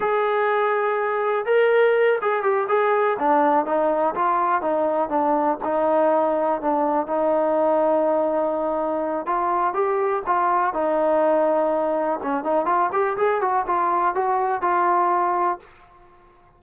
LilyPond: \new Staff \with { instrumentName = "trombone" } { \time 4/4 \tempo 4 = 123 gis'2. ais'4~ | ais'8 gis'8 g'8 gis'4 d'4 dis'8~ | dis'8 f'4 dis'4 d'4 dis'8~ | dis'4. d'4 dis'4.~ |
dis'2. f'4 | g'4 f'4 dis'2~ | dis'4 cis'8 dis'8 f'8 g'8 gis'8 fis'8 | f'4 fis'4 f'2 | }